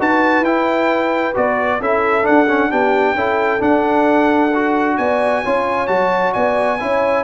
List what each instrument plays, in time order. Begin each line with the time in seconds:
0.00 tuba D#4, trombone F#4, horn B4, trumpet A5
0.41 tuba E4, trombone E4, trumpet G5
1.35 tuba B3, trombone F#4, trumpet D5
1.80 tuba C#4, trombone E4, horn A4, trumpet E5
2.23 trombone D4, tuba D4, trumpet F#5
2.49 trombone C#4
2.70 tuba B3, trombone D4, horn G4, trumpet G5
3.14 tuba C#4, trombone E4, horn A4
3.60 trombone D4, tuba D4, trumpet F#5
4.55 trombone F#4
4.98 tuba B3, horn D5, trumpet G#5
5.44 tuba C#4, trombone F4, horn C#5
5.88 tuba F#3, trombone F#4, trumpet A5
6.34 tuba B3, horn D5, trumpet G#5
6.80 tuba C#4, trombone E4, horn C#5